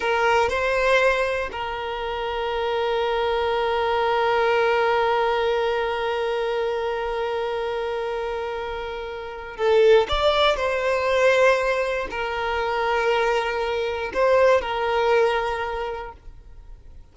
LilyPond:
\new Staff \with { instrumentName = "violin" } { \time 4/4 \tempo 4 = 119 ais'4 c''2 ais'4~ | ais'1~ | ais'1~ | ais'1~ |
ais'2. a'4 | d''4 c''2. | ais'1 | c''4 ais'2. | }